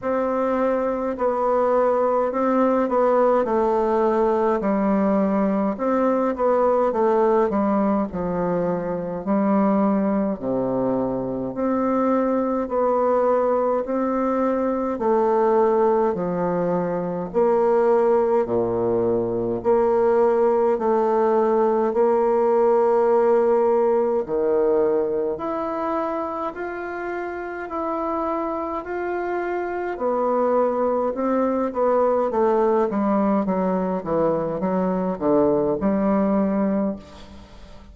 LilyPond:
\new Staff \with { instrumentName = "bassoon" } { \time 4/4 \tempo 4 = 52 c'4 b4 c'8 b8 a4 | g4 c'8 b8 a8 g8 f4 | g4 c4 c'4 b4 | c'4 a4 f4 ais4 |
ais,4 ais4 a4 ais4~ | ais4 dis4 e'4 f'4 | e'4 f'4 b4 c'8 b8 | a8 g8 fis8 e8 fis8 d8 g4 | }